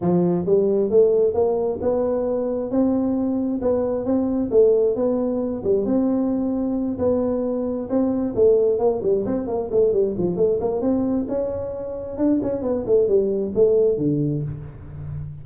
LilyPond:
\new Staff \with { instrumentName = "tuba" } { \time 4/4 \tempo 4 = 133 f4 g4 a4 ais4 | b2 c'2 | b4 c'4 a4 b4~ | b8 g8 c'2~ c'8 b8~ |
b4. c'4 a4 ais8 | g8 c'8 ais8 a8 g8 f8 a8 ais8 | c'4 cis'2 d'8 cis'8 | b8 a8 g4 a4 d4 | }